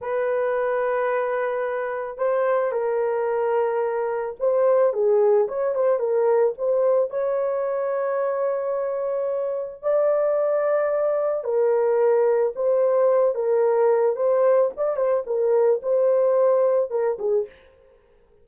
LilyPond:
\new Staff \with { instrumentName = "horn" } { \time 4/4 \tempo 4 = 110 b'1 | c''4 ais'2. | c''4 gis'4 cis''8 c''8 ais'4 | c''4 cis''2.~ |
cis''2 d''2~ | d''4 ais'2 c''4~ | c''8 ais'4. c''4 d''8 c''8 | ais'4 c''2 ais'8 gis'8 | }